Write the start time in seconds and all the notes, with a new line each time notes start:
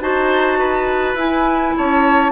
0.00 D#4 F#4 C5 A5
0.58 B4
1.14 E4 G#5
1.77 C#4 C#5 A5